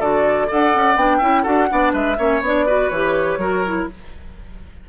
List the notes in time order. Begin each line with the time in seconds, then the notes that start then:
0.00 D3 F#4 A4 D5
0.48 D4 A4 D5 F#5
0.75 C#4
0.96 B3 D4 G5
1.18 C#4 E4 E5
1.43 D4 F#4 A4 F#5
1.69 B3 D4 D5
1.93 G#3 B4 E5
2.18 A#3 C#4 C#5
2.41 B3 D4 D5
2.66 F#4 B4
2.90 E3 G4 C#5
3.38 F#3 F#4 A#4
3.65 E4